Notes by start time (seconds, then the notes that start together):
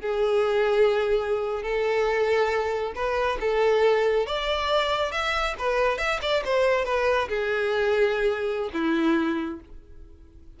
0.00 G#4
1.62 A4
2.95 B4
3.40 A4
4.26 D5
5.11 E5
5.58 B4
5.98 E5
6.21 D5
6.44 C5
6.85 B4
7.28 G#4
8.73 E4